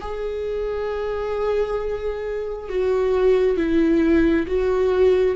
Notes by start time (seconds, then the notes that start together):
0.00 G#4
2.69 F#4
3.57 E4
4.47 F#4